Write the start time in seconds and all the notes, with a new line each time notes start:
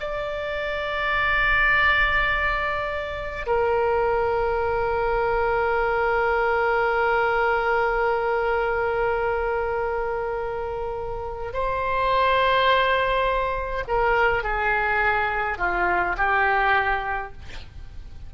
0.00 D5
3.46 A#4
11.53 C5
13.88 A#4
14.43 G#4
15.58 F4
16.17 G4